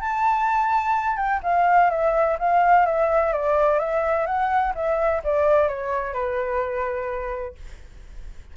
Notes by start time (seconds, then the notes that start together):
0.00 A5
1.16 G5
1.42 F5
1.90 E5
2.38 F5
2.85 E5
3.32 D5
3.78 E5
4.26 F#5
4.74 E5
5.24 D5
5.68 C#5
6.13 B4